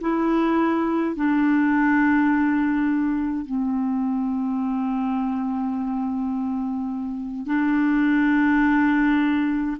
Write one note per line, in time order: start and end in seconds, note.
0.00 1.15 E4
1.15 3.45 D4
3.45 7.46 C4
7.46 9.77 D4